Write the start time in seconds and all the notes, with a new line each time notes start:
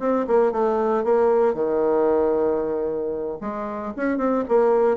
0.00 C4
0.28 A#3
0.52 A3
1.04 A#3
1.54 D#3
3.41 G#3
3.97 C#4
4.18 C4
4.49 A#3